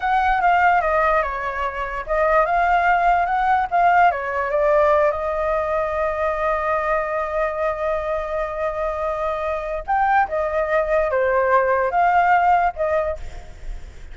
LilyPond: \new Staff \with { instrumentName = "flute" } { \time 4/4 \tempo 4 = 146 fis''4 f''4 dis''4 cis''4~ | cis''4 dis''4 f''2 | fis''4 f''4 cis''4 d''4~ | d''8 dis''2.~ dis''8~ |
dis''1~ | dis''1 | g''4 dis''2 c''4~ | c''4 f''2 dis''4 | }